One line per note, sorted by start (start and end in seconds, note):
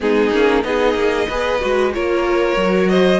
0.00 0.31 G#3
0.00 0.32 B3
0.00 0.65 D#4
0.00 0.63 G#4
0.31 0.63 A#3
0.31 0.62 C#4
0.62 0.94 B3
0.62 1.26 D#4
0.62 1.28 G#4
0.62 1.92 D#5
0.94 1.26 A#3
1.28 1.61 B3
1.28 1.60 G#4
1.28 1.92 B4
1.60 1.96 G#3
1.60 1.92 F#4
1.93 2.56 A#3
1.93 2.58 F4
1.93 2.90 A#4
1.93 2.88 C#5
2.56 3.20 F#3
2.56 3.20 F#4
2.88 3.20 C5
2.88 3.20 D#5